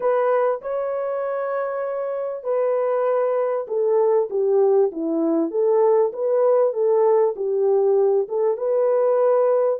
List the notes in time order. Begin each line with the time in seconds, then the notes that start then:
0.00 B4
0.61 C#5
2.43 B4
3.67 A4
4.29 G4
4.91 E4
5.50 A4
6.13 B4
6.73 A4
7.36 G4
8.28 A4
8.57 B4